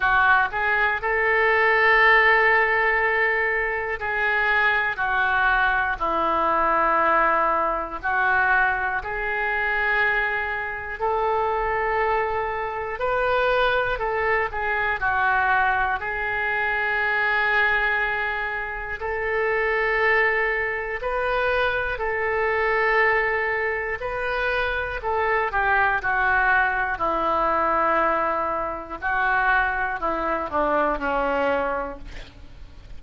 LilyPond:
\new Staff \with { instrumentName = "oboe" } { \time 4/4 \tempo 4 = 60 fis'8 gis'8 a'2. | gis'4 fis'4 e'2 | fis'4 gis'2 a'4~ | a'4 b'4 a'8 gis'8 fis'4 |
gis'2. a'4~ | a'4 b'4 a'2 | b'4 a'8 g'8 fis'4 e'4~ | e'4 fis'4 e'8 d'8 cis'4 | }